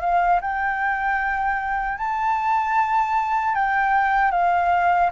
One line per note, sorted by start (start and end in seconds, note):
0.00 0.39 F5
0.41 1.98 G5
1.98 3.55 A5
3.55 4.31 G5
4.31 5.10 F5